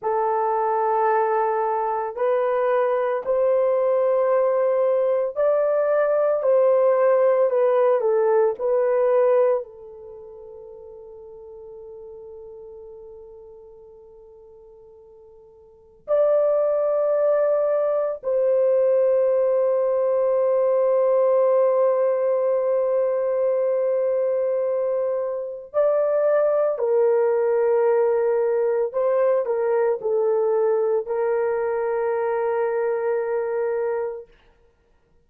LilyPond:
\new Staff \with { instrumentName = "horn" } { \time 4/4 \tempo 4 = 56 a'2 b'4 c''4~ | c''4 d''4 c''4 b'8 a'8 | b'4 a'2.~ | a'2. d''4~ |
d''4 c''2.~ | c''1 | d''4 ais'2 c''8 ais'8 | a'4 ais'2. | }